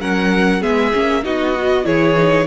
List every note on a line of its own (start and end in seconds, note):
0.00 0.62 F#3
0.00 0.61 C#4
0.00 0.61 A#4
0.00 0.62 F#5
0.61 0.93 G#3
0.61 0.92 B3
0.61 1.23 G#4
0.61 1.24 E5
0.93 1.25 A#3
0.93 1.23 C#4
1.23 1.85 B3
1.23 1.54 D#4
1.23 1.85 F#4
1.23 1.86 D#5
1.55 1.84 F#4
1.84 2.47 E3
1.84 2.15 E4
1.84 2.47 G#4
1.84 2.47 C#5
2.17 2.47 D#4